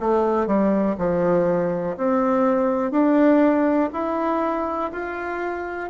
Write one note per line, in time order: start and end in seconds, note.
0.00 0.47 A3
0.47 0.96 G3
0.98 1.97 F3
1.98 2.92 C4
2.92 3.90 D4
3.93 4.91 E4
4.92 5.91 F4